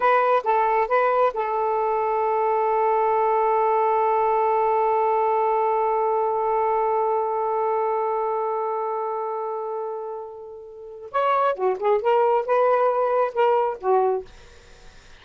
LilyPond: \new Staff \with { instrumentName = "saxophone" } { \time 4/4 \tempo 4 = 135 b'4 a'4 b'4 a'4~ | a'1~ | a'1~ | a'1~ |
a'1~ | a'1~ | a'4 cis''4 fis'8 gis'8 ais'4 | b'2 ais'4 fis'4 | }